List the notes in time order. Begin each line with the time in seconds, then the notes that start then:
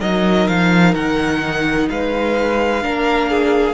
0.00 F#3 D#4 A#4 D#5
0.48 F3 F5
0.95 D#3 F#5
1.90 G#3 B4 F5
2.83 A#3 D4 A#4
3.30 G#4